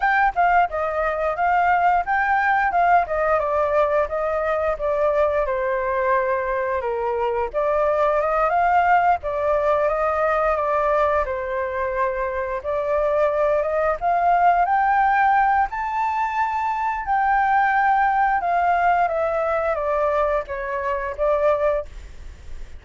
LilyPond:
\new Staff \with { instrumentName = "flute" } { \time 4/4 \tempo 4 = 88 g''8 f''8 dis''4 f''4 g''4 | f''8 dis''8 d''4 dis''4 d''4 | c''2 ais'4 d''4 | dis''8 f''4 d''4 dis''4 d''8~ |
d''8 c''2 d''4. | dis''8 f''4 g''4. a''4~ | a''4 g''2 f''4 | e''4 d''4 cis''4 d''4 | }